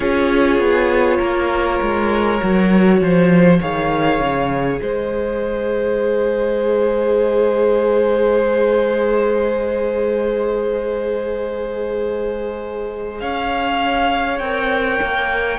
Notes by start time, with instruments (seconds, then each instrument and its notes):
0.00 cello C#4, viola F4, violin G#4 C#5
0.58 cello B3
1.17 cello A#3, violin A#4
1.81 cello G#3
2.40 cello F#3, viola F#4
3.00 cello F3, violin C5
3.60 cello D#3, viola G#4, violin C#5 F5
4.19 cello C#3
4.79 cello G#3, violin C5 D#5
13.19 cello C#4, violin C#5 F5
14.38 cello C4, viola A#4, violin G5
15.01 cello A#3